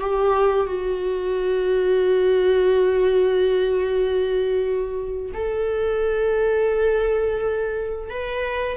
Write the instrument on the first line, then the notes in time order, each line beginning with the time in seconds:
viola
0.00 G4
0.67 F#4
5.34 A4
8.10 B4